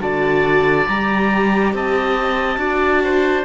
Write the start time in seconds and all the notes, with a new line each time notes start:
0.00 D3 F#4 D5 A5
0.87 G3 G4 A#5
1.73 C4 D#5 A5
2.56 D4 F#4 D5
3.04 C5